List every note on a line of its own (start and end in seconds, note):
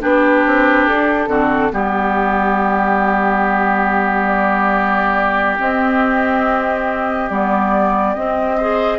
0.00 0.46 B3
0.00 1.28 D4
0.00 1.29 G4
0.00 0.86 B4
0.46 0.87 C4
0.86 1.27 D4
0.86 1.72 A4
1.27 1.70 D3
1.27 1.71 C4
1.27 1.72 F#4
1.71 5.58 G3
1.71 5.57 B3
1.71 8.57 G4
1.71 4.27 G4
4.27 5.56 D5
5.59 7.30 C4
5.59 7.30 D#5
7.30 8.16 G3
7.30 8.15 B3
7.30 8.14 D5
8.14 8.58 C4
8.14 8.98 C4
8.14 8.98 D#5
8.57 8.98 G#4
8.57 8.98 C5